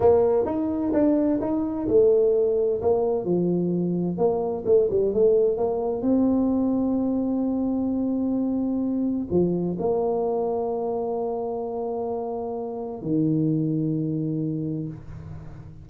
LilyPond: \new Staff \with { instrumentName = "tuba" } { \time 4/4 \tempo 4 = 129 ais4 dis'4 d'4 dis'4 | a2 ais4 f4~ | f4 ais4 a8 g8 a4 | ais4 c'2.~ |
c'1 | f4 ais2.~ | ais1 | dis1 | }